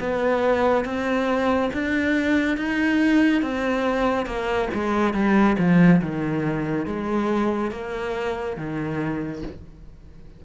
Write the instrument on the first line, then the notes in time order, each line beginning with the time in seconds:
cello
0.00 B3
0.85 C4
1.74 D4
2.58 D#4
3.42 C4
4.27 A#3
4.75 G#3
5.14 G3
5.59 F3
6.02 D#3
6.86 G#3
7.71 A#3
8.57 D#3